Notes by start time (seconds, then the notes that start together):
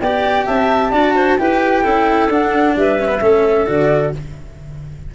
0.00 B3 G4 D5 G5
0.46 C4 E5 A5
0.91 D4 F#4 D5
1.15 C5
1.38 E4 G4 B4 G5
1.83 C#4 E4 A4
2.29 D4 F#5
2.76 G3 B4 E5
3.00 C#4
3.08 B3
3.21 A3 C#4 A4
3.66 D3 F#4 D5